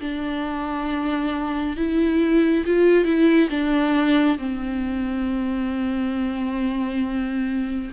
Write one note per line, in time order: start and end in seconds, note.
0.00 1.76 D4
1.76 2.65 E4
2.66 3.05 F4
3.05 3.49 E4
3.50 4.38 D4
4.38 7.91 C4